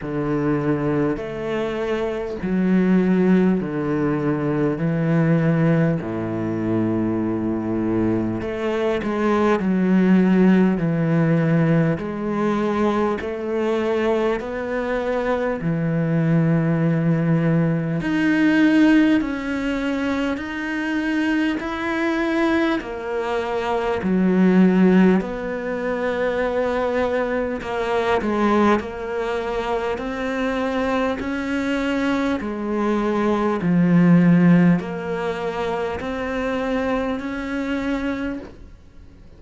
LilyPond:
\new Staff \with { instrumentName = "cello" } { \time 4/4 \tempo 4 = 50 d4 a4 fis4 d4 | e4 a,2 a8 gis8 | fis4 e4 gis4 a4 | b4 e2 dis'4 |
cis'4 dis'4 e'4 ais4 | fis4 b2 ais8 gis8 | ais4 c'4 cis'4 gis4 | f4 ais4 c'4 cis'4 | }